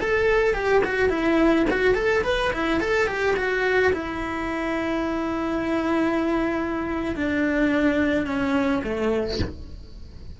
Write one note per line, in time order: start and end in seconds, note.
0.00 0.54 A4
0.54 0.82 G4
0.84 1.09 F#4
1.09 1.65 E4
1.69 1.94 F#4
1.94 2.22 A4
2.23 2.51 B4
2.52 2.80 E4
2.80 3.07 A4
3.07 3.35 G4
3.36 3.92 F#4
3.93 7.15 E4
7.16 8.26 D4
8.26 8.82 C#4
8.83 9.40 A3